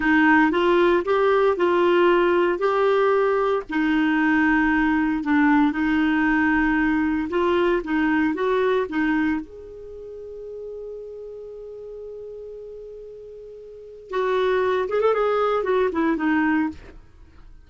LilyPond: \new Staff \with { instrumentName = "clarinet" } { \time 4/4 \tempo 4 = 115 dis'4 f'4 g'4 f'4~ | f'4 g'2 dis'4~ | dis'2 d'4 dis'4~ | dis'2 f'4 dis'4 |
fis'4 dis'4 gis'2~ | gis'1~ | gis'2. fis'4~ | fis'8 gis'16 a'16 gis'4 fis'8 e'8 dis'4 | }